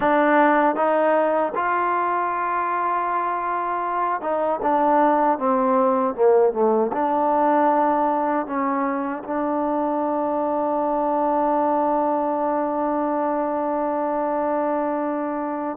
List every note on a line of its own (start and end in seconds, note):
0.00 0.75 D4
0.75 1.52 D#4
1.55 4.21 F4
4.21 4.59 D#4
4.62 5.38 D4
5.38 6.14 C4
6.14 6.52 A#3
6.52 6.91 A3
6.92 8.46 D4
8.46 9.23 C#4
9.23 15.77 D4